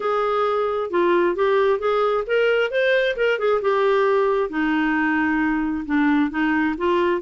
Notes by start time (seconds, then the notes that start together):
0.00 G#4
0.90 F4
1.35 G4
1.79 G#4
2.26 A#4
2.70 C5
3.16 A#4
3.38 G#4
3.61 G4
4.49 D#4
5.85 D4
6.30 D#4
6.77 F4